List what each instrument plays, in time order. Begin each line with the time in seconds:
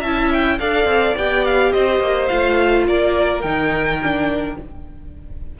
0.00 cello C#4, viola E4, violin E5 A5
0.33 violin G5
0.59 cello D4, viola A4, violin D5 F5
0.84 cello C4
1.16 cello B3, viola G4, violin G5
1.45 violin F5
1.73 cello C4, violin C5 D#5
2.00 cello A#3
2.28 cello A3, viola F4, violin F5
2.87 cello A#3, violin A#4 D5
3.41 cello D#3, viola D#4, violin G5
4.03 viola D4